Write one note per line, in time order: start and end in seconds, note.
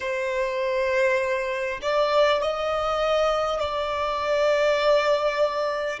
0.00 1.79 C5
1.82 2.42 D5
2.42 3.59 D#5
3.59 5.99 D5